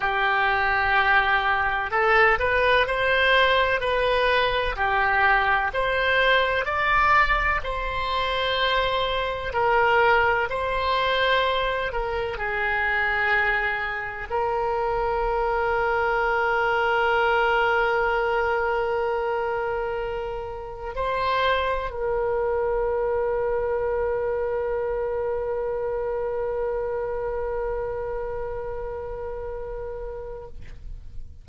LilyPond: \new Staff \with { instrumentName = "oboe" } { \time 4/4 \tempo 4 = 63 g'2 a'8 b'8 c''4 | b'4 g'4 c''4 d''4 | c''2 ais'4 c''4~ | c''8 ais'8 gis'2 ais'4~ |
ais'1~ | ais'2 c''4 ais'4~ | ais'1~ | ais'1 | }